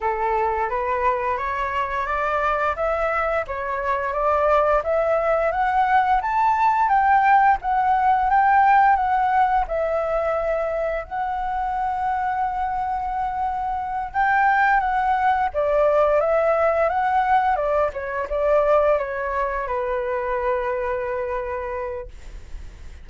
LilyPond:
\new Staff \with { instrumentName = "flute" } { \time 4/4 \tempo 4 = 87 a'4 b'4 cis''4 d''4 | e''4 cis''4 d''4 e''4 | fis''4 a''4 g''4 fis''4 | g''4 fis''4 e''2 |
fis''1~ | fis''8 g''4 fis''4 d''4 e''8~ | e''8 fis''4 d''8 cis''8 d''4 cis''8~ | cis''8 b'2.~ b'8 | }